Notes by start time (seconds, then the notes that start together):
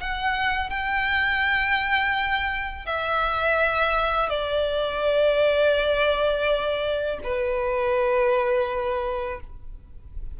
0.00 F#5
0.69 G5
2.86 E5
4.29 D5
7.23 B4